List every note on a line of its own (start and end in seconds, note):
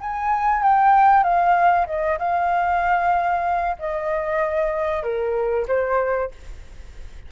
0.00 0.62 G#5
0.62 1.23 G5
1.23 1.86 F5
1.86 2.18 D#5
2.18 3.76 F5
3.79 5.03 D#5
5.03 5.66 A#4
5.68 6.31 C5